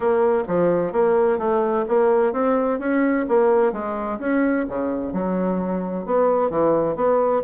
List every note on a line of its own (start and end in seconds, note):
0.00 0.43 A#3
0.47 0.92 F3
0.92 1.38 A#3
1.38 1.85 A3
1.88 2.33 A#3
2.33 2.79 C4
2.79 3.26 C#4
3.28 3.72 A#3
3.72 4.19 G#3
4.19 4.65 C#4
4.68 5.12 C#3
5.12 6.05 F#3
6.05 6.50 B3
6.50 6.95 E3
6.95 7.42 B3